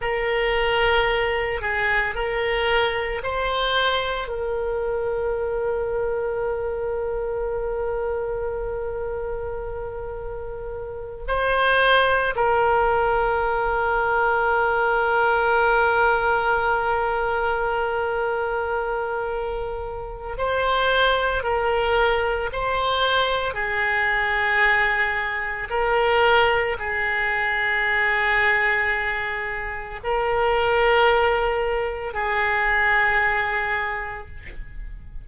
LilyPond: \new Staff \with { instrumentName = "oboe" } { \time 4/4 \tempo 4 = 56 ais'4. gis'8 ais'4 c''4 | ais'1~ | ais'2~ ais'8 c''4 ais'8~ | ais'1~ |
ais'2. c''4 | ais'4 c''4 gis'2 | ais'4 gis'2. | ais'2 gis'2 | }